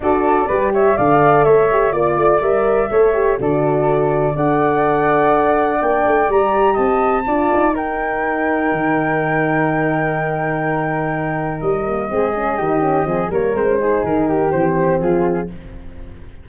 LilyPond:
<<
  \new Staff \with { instrumentName = "flute" } { \time 4/4 \tempo 4 = 124 d''4. e''8 f''4 e''4 | d''4 e''2 d''4~ | d''4 fis''2. | g''4 ais''4 a''2 |
g''1~ | g''1 | dis''2.~ dis''8 cis''8 | c''4 ais'4 c''4 gis'4 | }
  \new Staff \with { instrumentName = "flute" } { \time 4/4 a'4 b'8 cis''8 d''4 cis''4 | d''2 cis''4 a'4~ | a'4 d''2.~ | d''2 dis''4 d''4 |
ais'1~ | ais'1~ | ais'4 gis'4 g'4 gis'8 ais'8~ | ais'8 gis'4 g'4. f'4 | }
  \new Staff \with { instrumentName = "horn" } { \time 4/4 fis'4 g'4 a'4. g'8 | f'4 ais'4 a'8 g'8 fis'4~ | fis'4 a'2. | d'4 g'2 f'4 |
dis'1~ | dis'1~ | dis'8 ais8 c'8 cis'8 dis'8 cis'8 c'8 ais8 | c'16 cis'16 dis'4. c'2 | }
  \new Staff \with { instrumentName = "tuba" } { \time 4/4 d'4 g4 d4 a4 | ais8 a8 g4 a4 d4~ | d4 d'2. | ais8 a8 g4 c'4 d'8 dis'8~ |
dis'2 dis2~ | dis1 | g4 gis4 dis4 f8 g8 | gis4 dis4 e4 f4 | }
>>